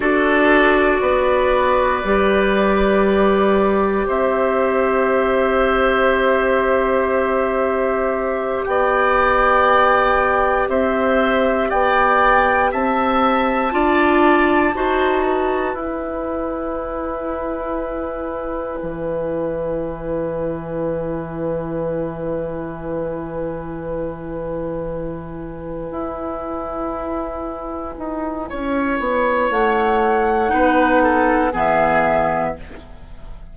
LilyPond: <<
  \new Staff \with { instrumentName = "flute" } { \time 4/4 \tempo 4 = 59 d''1 | e''1~ | e''8 g''2 e''4 g''8~ | g''8 a''2. gis''8~ |
gis''1~ | gis''1~ | gis''1~ | gis''4 fis''2 e''4 | }
  \new Staff \with { instrumentName = "oboe" } { \time 4/4 a'4 b'2. | c''1~ | c''8 d''2 c''4 d''8~ | d''8 e''4 d''4 c''8 b'4~ |
b'1~ | b'1~ | b'1 | cis''2 b'8 a'8 gis'4 | }
  \new Staff \with { instrumentName = "clarinet" } { \time 4/4 fis'2 g'2~ | g'1~ | g'1~ | g'4. f'4 fis'4 e'8~ |
e'1~ | e'1~ | e'1~ | e'2 dis'4 b4 | }
  \new Staff \with { instrumentName = "bassoon" } { \time 4/4 d'4 b4 g2 | c'1~ | c'8 b2 c'4 b8~ | b8 c'4 d'4 dis'4 e'8~ |
e'2~ e'8 e4.~ | e1~ | e4. e'2 dis'8 | cis'8 b8 a4 b4 e4 | }
>>